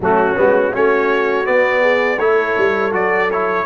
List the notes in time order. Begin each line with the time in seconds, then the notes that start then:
0.00 F#3 A3 C#4 F#4
0.35 G#3 B3
0.72 A3 C#4 F#4 C#5
1.45 B3 D5
1.81 G#4
2.18 A3 E4 A4 C#5
2.57 G3
2.91 F#3 F#4 D5
3.31 E4 C#5